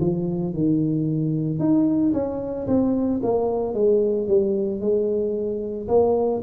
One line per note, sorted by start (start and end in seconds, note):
0.00 0.54 F3
0.54 1.59 D#3
1.59 2.13 D#4
2.13 2.67 C#4
2.67 3.20 C4
3.23 3.74 A#3
3.74 4.28 G#3
4.28 4.80 G3
4.80 5.87 G#3
5.88 6.41 A#3